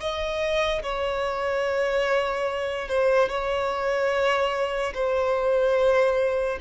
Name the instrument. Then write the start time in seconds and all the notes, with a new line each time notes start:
violin
0.00 D#5
0.83 C#5
2.88 C5
3.29 C#5
4.94 C5